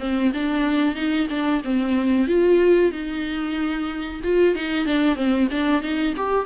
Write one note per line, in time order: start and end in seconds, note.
0.00 0.32 C4
0.34 0.95 D4
0.95 1.28 D#4
1.30 1.62 D4
1.64 2.27 C4
2.27 2.92 F4
2.92 4.21 D#4
4.24 4.55 F4
4.55 4.86 D#4
4.86 5.16 D4
5.16 5.48 C4
5.51 5.82 D4
5.82 6.14 D#4
6.17 6.46 G4